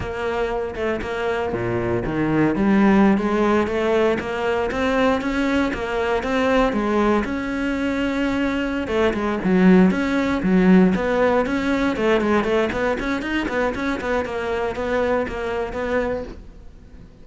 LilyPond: \new Staff \with { instrumentName = "cello" } { \time 4/4 \tempo 4 = 118 ais4. a8 ais4 ais,4 | dis4 g4~ g16 gis4 a8.~ | a16 ais4 c'4 cis'4 ais8.~ | ais16 c'4 gis4 cis'4.~ cis'16~ |
cis'4. a8 gis8 fis4 cis'8~ | cis'8 fis4 b4 cis'4 a8 | gis8 a8 b8 cis'8 dis'8 b8 cis'8 b8 | ais4 b4 ais4 b4 | }